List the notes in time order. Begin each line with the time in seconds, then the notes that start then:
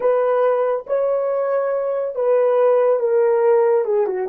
0.00 B4
0.86 C#5
2.15 B4
2.99 A#4
3.85 G#4
4.06 F#4